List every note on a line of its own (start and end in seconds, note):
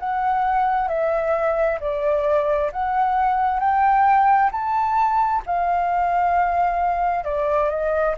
0.00 0.88 F#5
0.88 1.79 E5
1.81 2.71 D5
2.73 3.60 F#5
3.60 4.51 G5
4.52 5.43 A5
5.47 7.25 F5
7.25 7.70 D5
7.70 8.16 D#5